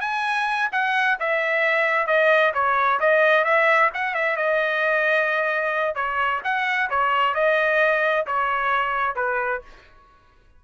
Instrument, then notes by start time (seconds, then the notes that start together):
trumpet
0.00 G#5
0.72 F#5
1.19 E5
2.06 D#5
2.54 C#5
3.00 D#5
3.44 E5
3.93 F#5
4.14 E5
4.36 D#5
5.95 C#5
6.44 F#5
6.90 C#5
7.34 D#5
8.26 C#5
9.15 B4